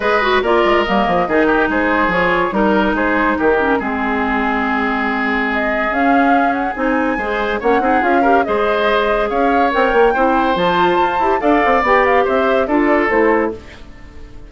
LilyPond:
<<
  \new Staff \with { instrumentName = "flute" } { \time 4/4 \tempo 4 = 142 dis''4 d''4 dis''2 | c''4 cis''4 ais'4 c''4 | ais'4 gis'2.~ | gis'4 dis''4 f''4. fis''8 |
gis''2 fis''4 f''4 | dis''2 f''4 g''4~ | g''4 a''2 f''4 | g''8 f''8 e''4 d''4 c''4 | }
  \new Staff \with { instrumentName = "oboe" } { \time 4/4 b'4 ais'2 gis'8 g'8 | gis'2 ais'4 gis'4 | g'4 gis'2.~ | gis'1~ |
gis'4 c''4 cis''8 gis'4 ais'8 | c''2 cis''2 | c''2. d''4~ | d''4 c''4 a'2 | }
  \new Staff \with { instrumentName = "clarinet" } { \time 4/4 gis'8 fis'8 f'4 ais4 dis'4~ | dis'4 f'4 dis'2~ | dis'8 cis'8 c'2.~ | c'2 cis'2 |
dis'4 gis'4 cis'8 dis'8 f'8 g'8 | gis'2. ais'4 | e'4 f'4. g'8 a'4 | g'2 f'4 e'4 | }
  \new Staff \with { instrumentName = "bassoon" } { \time 4/4 gis4 ais8 gis8 g8 f8 dis4 | gis4 f4 g4 gis4 | dis4 gis2.~ | gis2 cis'2 |
c'4 gis4 ais8 c'8 cis'4 | gis2 cis'4 c'8 ais8 | c'4 f4 f'8 e'8 d'8 c'8 | b4 c'4 d'4 a4 | }
>>